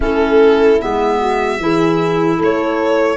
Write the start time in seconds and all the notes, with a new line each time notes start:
0.00 A3 C#4 E4 A4
0.81 G#3 B3 E5
1.19 F#4
1.59 E3 E4 G#4
2.37 A3 A4 C#5